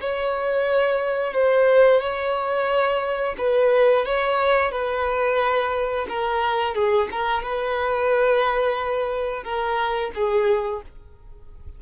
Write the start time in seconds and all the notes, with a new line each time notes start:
0.00 C#5
1.33 C5
2.00 C#5
3.38 B4
4.05 C#5
4.71 B4
6.08 A#4
6.74 G#4
7.11 A#4
7.42 B4
9.43 A#4
10.14 G#4